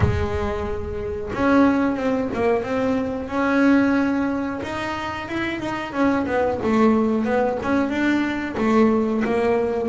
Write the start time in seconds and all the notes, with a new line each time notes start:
0.00 G#3
1.33 C#4
1.96 C4
2.34 A#3
2.63 C4
3.28 C#4
4.62 D#4
5.28 E4
5.60 D#4
5.93 C#4
6.26 B3
6.63 A3
7.25 B3
7.62 C#4
7.89 D4
8.57 A3
9.24 A#3